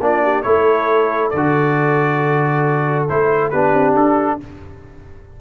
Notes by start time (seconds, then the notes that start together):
0.00 A#3 D4 F4 D5
0.23 G4
0.43 A3 E4 A4 C#5
1.30 D3 D5
1.37 F#4
3.09 A3 E4 C5
3.50 B3 D4 G4 B4
3.73 C4
3.95 D4 A4